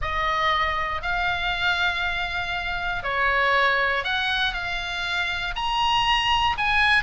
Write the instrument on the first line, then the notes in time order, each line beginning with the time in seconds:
oboe
0.01 D#5
1.02 F5
3.03 C#5
4.04 F#5
4.53 F5
5.55 A#5
6.57 G#5